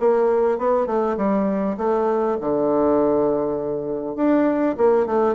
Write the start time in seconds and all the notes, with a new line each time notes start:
0.00 A#3
0.58 B3
0.87 A3
1.17 G3
1.78 A3
2.41 D3
4.16 D4
4.78 A#3
5.07 A3